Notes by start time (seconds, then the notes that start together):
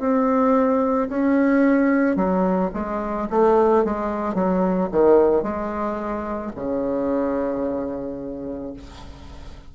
0.00 C4
1.09 C#4
2.16 F#3
2.74 G#3
3.31 A3
3.85 G#3
4.35 F#3
4.92 D#3
5.43 G#3
6.56 C#3